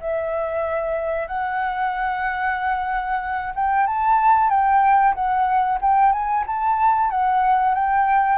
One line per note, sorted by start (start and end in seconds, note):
0.00 1.28 E5
1.28 3.53 F#5
3.55 3.87 G5
3.87 4.50 A5
4.50 5.14 G5
5.15 5.79 F#5
5.82 6.12 G5
6.12 6.45 G#5
6.47 7.11 A5
7.11 7.75 F#5
7.75 8.38 G5